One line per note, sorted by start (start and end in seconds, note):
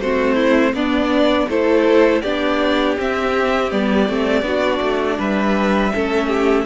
0.00 0.74 A3
0.00 0.77 C4
0.00 0.36 F#4
0.00 0.75 C5
0.36 0.73 E4
0.74 1.48 B3
0.74 1.50 B3
0.74 1.49 D4
0.74 1.49 D5
1.49 2.23 A3
1.49 2.24 E4
1.49 2.22 A4
1.49 2.22 C5
2.22 2.98 B3
2.22 2.98 D4
2.22 4.44 G4
2.22 2.96 D5
2.98 3.71 C4
2.98 3.72 C4
2.98 3.72 E5
3.71 4.09 G3
3.71 4.08 B3
3.71 5.20 D5
4.09 4.42 A3
4.09 4.43 C4
4.42 4.79 B3
4.42 5.91 D4
4.42 5.19 F#4
4.82 5.19 A3
5.19 5.93 G3
5.19 5.93 B4
5.19 6.66 E5
5.94 6.66 A3
5.94 6.66 C#4
5.94 6.28 A4
6.28 6.65 G4